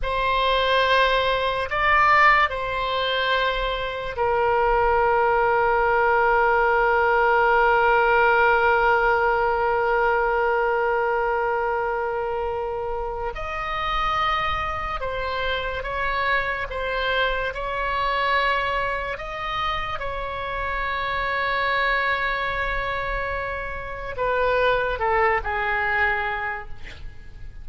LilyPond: \new Staff \with { instrumentName = "oboe" } { \time 4/4 \tempo 4 = 72 c''2 d''4 c''4~ | c''4 ais'2.~ | ais'1~ | ais'1 |
dis''2 c''4 cis''4 | c''4 cis''2 dis''4 | cis''1~ | cis''4 b'4 a'8 gis'4. | }